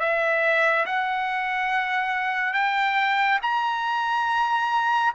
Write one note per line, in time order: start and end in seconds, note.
0.00 0.86 E5
0.86 2.54 F#5
2.54 3.39 G5
3.42 5.14 A#5